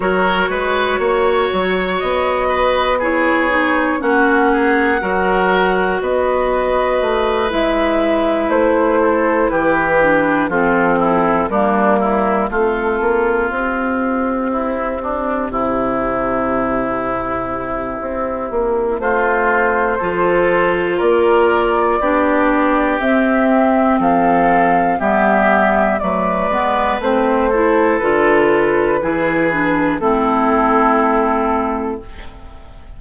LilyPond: <<
  \new Staff \with { instrumentName = "flute" } { \time 4/4 \tempo 4 = 60 cis''2 dis''4 cis''4 | fis''2 dis''4. e''8~ | e''8 c''4 b'4 a'4 ais'8~ | ais'8 a'4 g'2~ g'8~ |
g'2. c''4~ | c''4 d''2 e''4 | f''4 e''4 d''4 c''4 | b'2 a'2 | }
  \new Staff \with { instrumentName = "oboe" } { \time 4/4 ais'8 b'8 cis''4. b'8 gis'4 | fis'8 gis'8 ais'4 b'2~ | b'4 a'8 g'4 f'8 e'8 d'8 | e'8 f'2 e'8 d'8 e'8~ |
e'2. f'4 | a'4 ais'4 g'2 | a'4 g'4 b'4. a'8~ | a'4 gis'4 e'2 | }
  \new Staff \with { instrumentName = "clarinet" } { \time 4/4 fis'2. e'8 dis'8 | cis'4 fis'2~ fis'8 e'8~ | e'2 d'8 c'4 ais8~ | ais8 c'2.~ c'8~ |
c'1 | f'2 d'4 c'4~ | c'4 b4 a8 b8 c'8 e'8 | f'4 e'8 d'8 c'2 | }
  \new Staff \with { instrumentName = "bassoon" } { \time 4/4 fis8 gis8 ais8 fis8 b2 | ais4 fis4 b4 a8 gis8~ | gis8 a4 e4 f4 g8~ | g8 a8 ais8 c'2 c8~ |
c2 c'8 ais8 a4 | f4 ais4 b4 c'4 | f4 g4 fis8 gis8 a4 | d4 e4 a2 | }
>>